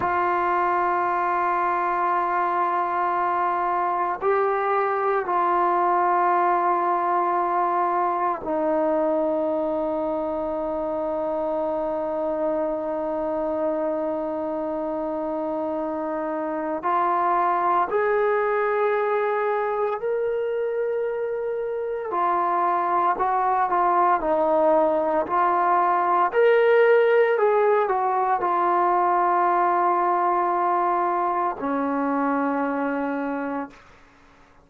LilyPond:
\new Staff \with { instrumentName = "trombone" } { \time 4/4 \tempo 4 = 57 f'1 | g'4 f'2. | dis'1~ | dis'1 |
f'4 gis'2 ais'4~ | ais'4 f'4 fis'8 f'8 dis'4 | f'4 ais'4 gis'8 fis'8 f'4~ | f'2 cis'2 | }